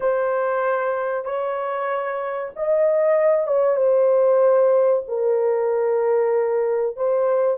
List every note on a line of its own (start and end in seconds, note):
0.00 1.25 C5
1.25 2.51 C#5
2.56 3.47 D#5
3.47 3.76 C#5
3.76 5.02 C5
5.08 6.96 A#4
6.96 7.57 C5